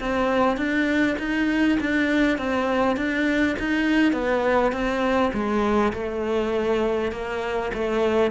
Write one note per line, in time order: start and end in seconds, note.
0.00 0.57 C4
0.57 1.17 D4
1.19 1.78 D#4
1.80 2.38 D4
2.38 2.96 C4
2.96 3.56 D4
3.59 4.13 D#4
4.13 4.72 B3
4.72 5.31 C4
5.33 5.93 G#3
5.93 7.12 A3
7.12 7.71 A#3
7.74 8.31 A3